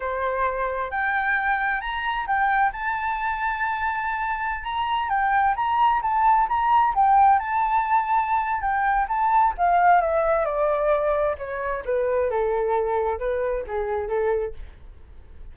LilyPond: \new Staff \with { instrumentName = "flute" } { \time 4/4 \tempo 4 = 132 c''2 g''2 | ais''4 g''4 a''2~ | a''2~ a''16 ais''4 g''8.~ | g''16 ais''4 a''4 ais''4 g''8.~ |
g''16 a''2~ a''8. g''4 | a''4 f''4 e''4 d''4~ | d''4 cis''4 b'4 a'4~ | a'4 b'4 gis'4 a'4 | }